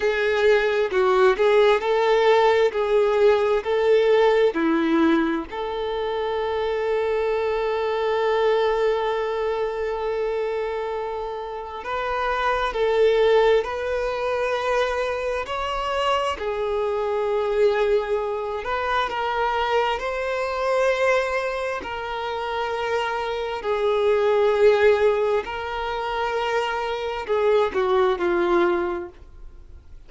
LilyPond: \new Staff \with { instrumentName = "violin" } { \time 4/4 \tempo 4 = 66 gis'4 fis'8 gis'8 a'4 gis'4 | a'4 e'4 a'2~ | a'1~ | a'4 b'4 a'4 b'4~ |
b'4 cis''4 gis'2~ | gis'8 b'8 ais'4 c''2 | ais'2 gis'2 | ais'2 gis'8 fis'8 f'4 | }